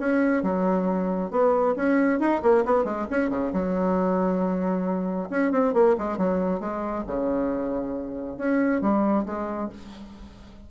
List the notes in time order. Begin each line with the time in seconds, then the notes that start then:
0.00 C#4
0.43 F#3
1.31 B3
1.76 C#4
2.20 D#4
2.43 A#3
2.66 B3
2.85 G#3
3.11 C#4
3.30 C#3
3.53 F#3
5.31 C#4
5.52 C4
5.74 A#3
5.99 G#3
6.18 F#3
6.61 G#3
7.07 C#3
8.38 C#4
8.82 G3
9.26 G#3